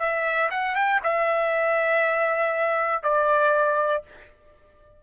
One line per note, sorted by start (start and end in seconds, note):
0.00 0.50 E5
0.51 0.76 F#5
0.76 1.01 G5
1.04 3.03 E5
3.03 4.03 D5